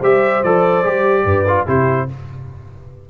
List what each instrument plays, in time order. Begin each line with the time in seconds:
0.00 tuba G3, trombone G4, horn C5, trumpet E5
0.44 tuba F3, trombone A4, trumpet D5
0.85 tuba G3, trombone G4
1.25 tuba G2, horn B4
1.49 trombone F4
1.67 tuba C3, trombone E4, horn G4, trumpet C5